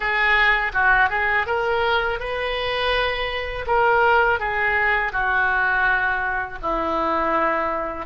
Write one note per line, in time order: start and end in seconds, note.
0.00 0.72 G#4
0.73 1.09 F#4
1.09 1.46 G#4
1.46 2.19 A#4
2.19 3.66 B4
3.67 4.39 A#4
4.39 5.12 G#4
5.12 6.59 F#4
6.62 8.06 E4